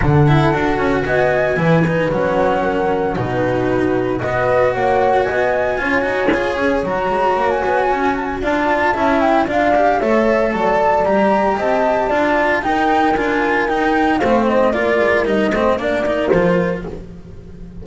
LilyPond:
<<
  \new Staff \with { instrumentName = "flute" } { \time 4/4 \tempo 4 = 114 fis''2 gis''2 | fis''2 b'2 | dis''4 fis''4 gis''2~ | gis''4 ais''4~ ais''16 gis''4~ gis''16 a''16 gis''16 |
a''4. g''8 f''4 e''4 | a''4 ais''4 a''2 | g''4 gis''4 g''4 f''8 dis''8 | d''4 dis''4 d''4 c''4 | }
  \new Staff \with { instrumentName = "horn" } { \time 4/4 a'2 dis''4 b'4~ | b'4 ais'4 fis'2 | b'4 cis''4 dis''4 cis''4~ | cis''1 |
d''4 e''4 d''4 cis''4 | d''2 dis''4 d''4 | ais'2. c''4 | ais'4. c''8 ais'2 | }
  \new Staff \with { instrumentName = "cello" } { \time 4/4 d'8 e'8 fis'2 e'8 dis'8 | cis'2 dis'2 | fis'2. f'8 fis'8 | gis'4 fis'2. |
f'4 e'4 f'8 g'8 a'4~ | a'4 g'2 f'4 | dis'4 f'4 dis'4 c'4 | f'4 dis'8 c'8 d'8 dis'8 f'4 | }
  \new Staff \with { instrumentName = "double bass" } { \time 4/4 d4 d'8 cis'8 b4 e4 | fis2 b,2 | b4 ais4 b4 cis'8 dis'8 | f'8 cis'8 fis8 gis8 ais8 b8 cis'4 |
d'4 cis'4 d'4 a4 | fis4 g4 c'4 d'4 | dis'4 d'4 dis'4 a4 | ais8 gis8 g8 a8 ais4 f4 | }
>>